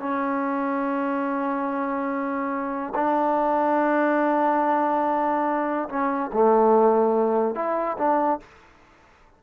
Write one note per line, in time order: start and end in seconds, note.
0.00 2.94 C#4
2.95 5.89 D4
5.89 6.31 C#4
6.34 7.55 A3
7.55 7.97 E4
7.98 8.40 D4